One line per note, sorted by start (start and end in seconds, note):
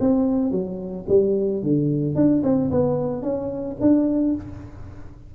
0.00 0.51 C4
0.51 1.05 F#3
1.08 1.62 G3
1.63 2.15 D3
2.15 2.42 D4
2.43 2.70 C4
2.71 3.22 B3
3.22 3.76 C#4
3.81 4.35 D4